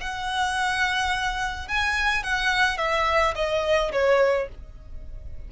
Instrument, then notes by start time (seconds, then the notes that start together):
violin
0.00 F#5
1.68 G#5
2.23 F#5
2.78 E5
3.35 D#5
3.92 C#5